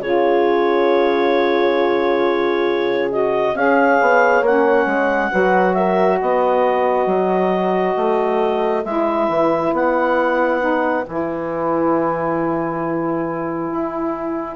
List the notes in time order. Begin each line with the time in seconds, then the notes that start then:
0.00 C#3 F4 G#4 C#5
3.10 F#4 D#5
3.53 C#4 G#4 C#5 F5
4.01 B3
4.41 A#3 C#4 F#5
4.85 G#3
5.30 F#3 F#4 B4
5.74 A#4 E5
6.19 B3 B4 D#5
7.06 F#3
7.96 A3
8.84 G#3 E4 E5
9.28 E3
9.72 B3 F#5
10.59 D#4
11.04 E3 E4 G#5
13.71 E4